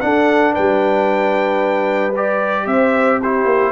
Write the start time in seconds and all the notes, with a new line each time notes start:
0.00 D4 A4 F#5
0.52 G3 B4 G5
2.15 G4 D5
2.66 C4 C5 E5
3.20 E4 G4 C5
3.45 A#3